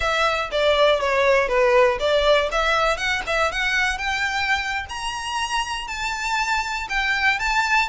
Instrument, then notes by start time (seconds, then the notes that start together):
violin
0.00 E5
0.51 D5
1.00 C#5
1.48 B4
1.99 D5
2.51 E5
2.97 F#5
3.26 E5
3.51 F#5
3.97 G5
4.89 A#5
5.88 A5
6.89 G5
7.39 A5